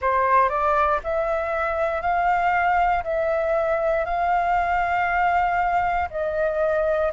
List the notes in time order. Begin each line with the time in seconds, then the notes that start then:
0.01 C5
0.49 D5
1.04 E5
2.01 F5
3.03 E5
4.04 F5
6.10 D#5